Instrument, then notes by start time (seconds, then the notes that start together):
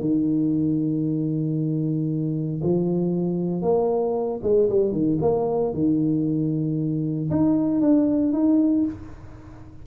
tuba
0.00 D#3
2.63 F3
3.61 A#3
4.42 G#3
4.69 G3
4.92 D#3
5.21 A#3
5.73 D#3
7.30 D#4
7.81 D4
8.32 D#4